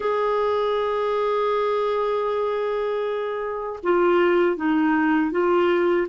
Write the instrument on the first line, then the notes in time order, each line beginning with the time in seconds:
clarinet
0.00 G#4
3.83 F4
4.56 D#4
5.31 F4